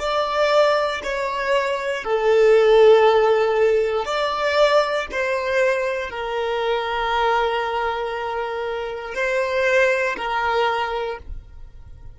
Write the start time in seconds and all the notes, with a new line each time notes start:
0.00 D5
1.04 C#5
2.04 A4
4.05 D5
5.12 C5
6.11 A#4
9.15 C5
10.17 A#4